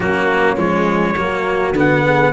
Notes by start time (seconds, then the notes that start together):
0.00 F#3 A#3 C#4 F#4
0.57 F3 G#3 C#5
1.16 F#3 A#3 F#4
1.72 D3 B3
1.78 F#5
2.04 G#4